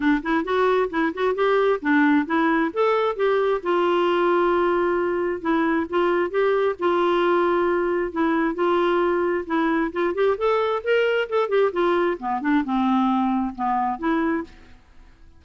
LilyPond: \new Staff \with { instrumentName = "clarinet" } { \time 4/4 \tempo 4 = 133 d'8 e'8 fis'4 e'8 fis'8 g'4 | d'4 e'4 a'4 g'4 | f'1 | e'4 f'4 g'4 f'4~ |
f'2 e'4 f'4~ | f'4 e'4 f'8 g'8 a'4 | ais'4 a'8 g'8 f'4 b8 d'8 | c'2 b4 e'4 | }